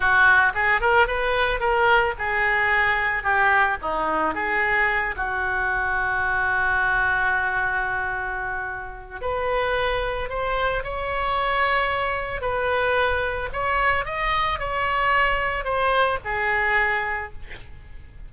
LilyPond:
\new Staff \with { instrumentName = "oboe" } { \time 4/4 \tempo 4 = 111 fis'4 gis'8 ais'8 b'4 ais'4 | gis'2 g'4 dis'4 | gis'4. fis'2~ fis'8~ | fis'1~ |
fis'4 b'2 c''4 | cis''2. b'4~ | b'4 cis''4 dis''4 cis''4~ | cis''4 c''4 gis'2 | }